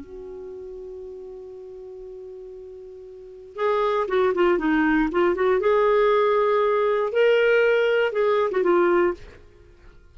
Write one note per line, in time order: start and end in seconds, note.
0.00 3.55 F#4
3.55 4.06 G#4
4.08 4.33 F#4
4.34 4.58 F4
4.58 5.09 D#4
5.11 5.35 F4
5.35 5.60 F#4
5.60 7.12 G#4
7.12 8.12 A#4
8.12 8.50 G#4
8.51 8.63 F#4
8.63 9.14 F4